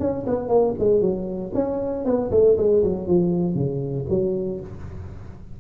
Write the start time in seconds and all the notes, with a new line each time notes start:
0.00 C#4
0.27 B3
0.49 A#3
0.79 G#3
1.01 F#3
1.54 C#4
2.05 B3
2.31 A3
2.57 G#3
2.83 F#3
3.07 F3
3.55 C#3
4.09 F#3